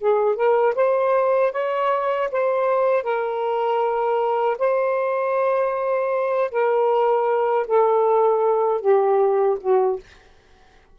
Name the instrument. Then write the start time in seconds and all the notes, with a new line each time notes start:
saxophone
0.00 G#4
0.35 A#4
0.75 C5
1.52 C#5
2.31 C5
3.03 A#4
4.58 C5
6.51 A#4
7.67 A4
8.80 G4
9.60 F#4